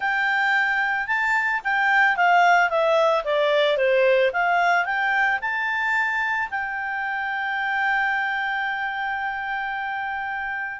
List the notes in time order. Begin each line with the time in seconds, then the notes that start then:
0.00 G5
1.07 A5
1.64 G5
2.16 F5
2.69 E5
3.24 D5
3.77 C5
4.32 F5
4.85 G5
5.41 A5
6.50 G5